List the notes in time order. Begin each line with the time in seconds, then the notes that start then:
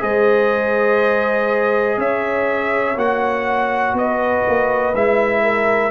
0.00 G#3 G#4 C5 D#5
1.98 C#4 C#5 E5
2.96 A#3 F#4 F#5
3.94 B3 B4 D#5
4.49 A#3
4.94 G#3 E4 E5
5.43 A#4